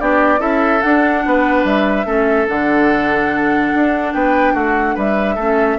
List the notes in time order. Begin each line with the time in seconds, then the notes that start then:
0.00 B3 D4 G4 D5
0.38 C#4 E4 A4 E5
0.81 D4 F#5
1.26 B3 B4
1.64 G3 E5
2.06 A3 C#4 A4
2.47 D3 D4 F#5
3.75 D4
4.14 B3 B4 G5
4.54 A3 F#4 F#5
4.95 G3 B4 E5
5.35 A3 C#4 A4